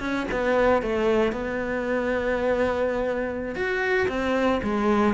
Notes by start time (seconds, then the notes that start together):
0.00 C#4
0.32 B3
0.82 A3
1.32 B3
3.56 F#4
4.08 C4
4.63 G#3